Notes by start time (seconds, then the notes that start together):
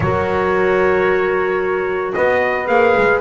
0.00 F#3 F#4 A#4 C#5
2.13 B3 B4 D#5
2.66 A#3 G#4 F5
2.96 G#3